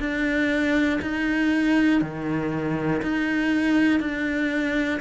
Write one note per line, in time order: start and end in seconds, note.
0.00 1.00 D4
1.01 2.01 D#4
2.02 3.02 D#3
3.02 4.00 D#4
4.00 5.00 D4